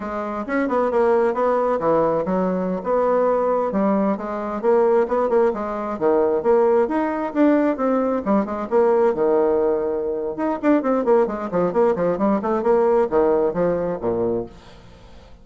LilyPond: \new Staff \with { instrumentName = "bassoon" } { \time 4/4 \tempo 4 = 133 gis4 cis'8 b8 ais4 b4 | e4 fis4~ fis16 b4.~ b16~ | b16 g4 gis4 ais4 b8 ais16~ | ais16 gis4 dis4 ais4 dis'8.~ |
dis'16 d'4 c'4 g8 gis8 ais8.~ | ais16 dis2~ dis8. dis'8 d'8 | c'8 ais8 gis8 f8 ais8 f8 g8 a8 | ais4 dis4 f4 ais,4 | }